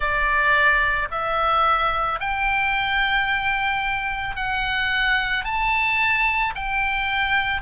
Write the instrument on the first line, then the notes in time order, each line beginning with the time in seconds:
oboe
0.00 D5
1.11 E5
2.20 G5
4.35 F#5
5.44 A5
6.55 G5